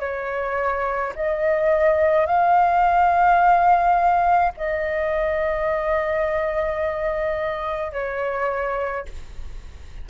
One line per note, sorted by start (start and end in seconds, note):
0.00 1.13 C#5
1.15 2.26 D#5
2.26 4.53 F5
4.57 7.92 D#5
7.92 9.06 C#5